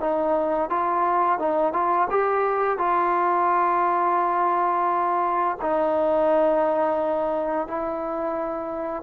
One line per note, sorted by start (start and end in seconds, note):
0.00 0.69 D#4
0.69 1.39 F4
1.39 1.73 D#4
1.73 2.08 F4
2.10 2.78 G4
2.78 5.57 F4
5.61 7.67 D#4
7.67 9.03 E4